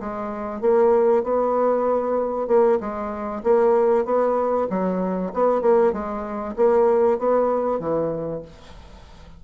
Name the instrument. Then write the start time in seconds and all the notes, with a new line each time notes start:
bassoon
0.00 G#3
0.61 A#3
1.24 B3
2.48 A#3
2.81 G#3
3.44 A#3
4.05 B3
4.70 F#3
5.34 B3
5.62 A#3
5.93 G#3
6.56 A#3
7.19 B3
7.80 E3